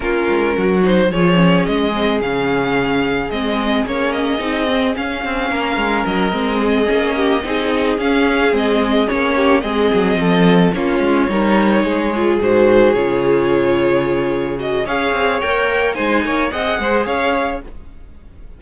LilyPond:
<<
  \new Staff \with { instrumentName = "violin" } { \time 4/4 \tempo 4 = 109 ais'4. c''8 cis''4 dis''4 | f''2 dis''4 cis''8 dis''8~ | dis''4 f''2 dis''4~ | dis''2~ dis''8 f''4 dis''8~ |
dis''8 cis''4 dis''2 cis''8~ | cis''2~ cis''8 c''4 cis''8~ | cis''2~ cis''8 dis''8 f''4 | g''4 gis''4 fis''4 f''4 | }
  \new Staff \with { instrumentName = "violin" } { \time 4/4 f'4 fis'4 gis'2~ | gis'1~ | gis'2 ais'2 | gis'4 g'8 gis'2~ gis'8~ |
gis'4 g'8 gis'4 a'4 f'8~ | f'8 ais'4 gis'2~ gis'8~ | gis'2. cis''4~ | cis''4 c''8 cis''8 dis''8 c''8 cis''4 | }
  \new Staff \with { instrumentName = "viola" } { \time 4/4 cis'4. dis'8 f'8 cis'4 c'8 | cis'2 c'4 cis'4 | dis'8 c'8 cis'2~ cis'8 c'8~ | c'8 cis'4 dis'4 cis'4 c'8~ |
c'8 cis'4 c'2 cis'8~ | cis'8 dis'4. f'8 fis'4 f'8~ | f'2~ f'8 fis'8 gis'4 | ais'4 dis'4 gis'2 | }
  \new Staff \with { instrumentName = "cello" } { \time 4/4 ais8 gis8 fis4 f4 gis4 | cis2 gis4 ais4 | c'4 cis'8 c'8 ais8 gis8 fis8 gis8~ | gis8 ais4 c'4 cis'4 gis8~ |
gis8 ais4 gis8 fis8 f4 ais8 | gis8 g4 gis4 gis,4 cis8~ | cis2. cis'8 c'8 | ais4 gis8 ais8 c'8 gis8 cis'4 | }
>>